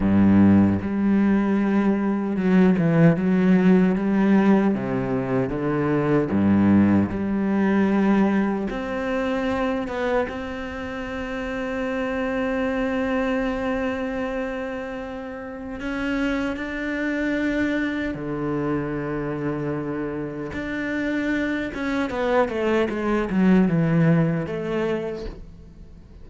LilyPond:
\new Staff \with { instrumentName = "cello" } { \time 4/4 \tempo 4 = 76 g,4 g2 fis8 e8 | fis4 g4 c4 d4 | g,4 g2 c'4~ | c'8 b8 c'2.~ |
c'1 | cis'4 d'2 d4~ | d2 d'4. cis'8 | b8 a8 gis8 fis8 e4 a4 | }